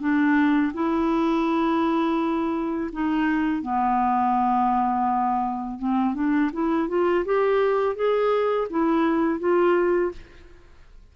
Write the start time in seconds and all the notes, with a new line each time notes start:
0.00 D4
0.74 E4
2.92 D#4
3.62 B3
5.79 C4
6.14 D4
6.53 E4
6.88 F4
7.26 G4
7.96 G#4
8.70 E4
9.39 F4